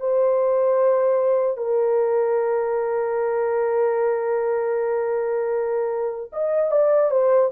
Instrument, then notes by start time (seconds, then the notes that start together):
horn
0.00 C5
1.57 A#4
6.32 D#5
6.71 D5
7.11 C5